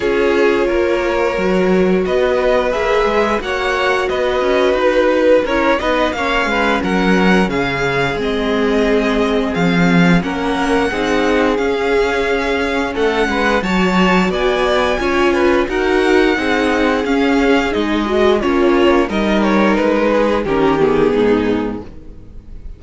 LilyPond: <<
  \new Staff \with { instrumentName = "violin" } { \time 4/4 \tempo 4 = 88 cis''2. dis''4 | e''4 fis''4 dis''4 b'4 | cis''8 dis''8 f''4 fis''4 f''4 | dis''2 f''4 fis''4~ |
fis''4 f''2 fis''4 | a''4 gis''2 fis''4~ | fis''4 f''4 dis''4 cis''4 | dis''8 cis''8 b'4 ais'8 gis'4. | }
  \new Staff \with { instrumentName = "violin" } { \time 4/4 gis'4 ais'2 b'4~ | b'4 cis''4 b'2 | ais'8 b'8 cis''8 b'8 ais'4 gis'4~ | gis'2. ais'4 |
gis'2. a'8 b'8 | cis''4 d''4 cis''8 b'8 ais'4 | gis'2. cis'4 | ais'4. gis'8 g'4 dis'4 | }
  \new Staff \with { instrumentName = "viola" } { \time 4/4 f'2 fis'2 | gis'4 fis'2. | e'8 dis'8 cis'2. | c'2. cis'4 |
dis'4 cis'2. | fis'2 f'4 fis'4 | dis'4 cis'4 dis'8 fis'8 f'4 | dis'2 cis'8 b4. | }
  \new Staff \with { instrumentName = "cello" } { \time 4/4 cis'4 ais4 fis4 b4 | ais8 gis8 ais4 b8 cis'8 dis'4 | cis'8 b8 ais8 gis8 fis4 cis4 | gis2 f4 ais4 |
c'4 cis'2 a8 gis8 | fis4 b4 cis'4 dis'4 | c'4 cis'4 gis4 ais4 | g4 gis4 dis4 gis,4 | }
>>